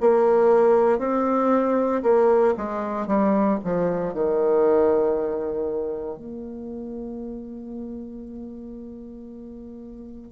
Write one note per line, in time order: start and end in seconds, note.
0.00 0.98 A#3
0.98 2.02 C4
2.02 2.54 A#3
2.56 3.07 G#3
3.07 3.58 G3
3.64 4.13 F3
4.13 6.17 D#3
6.17 10.31 A#3